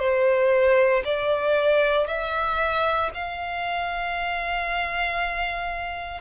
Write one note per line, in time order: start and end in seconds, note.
0.00 1.03 C5
1.05 2.07 D5
2.07 3.11 E5
3.15 6.21 F5